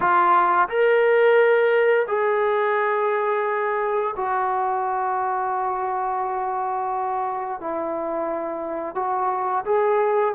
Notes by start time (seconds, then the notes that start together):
0.00 F4
0.68 A#4
2.07 G#4
4.16 F#4
7.60 E4
8.95 F#4
9.65 G#4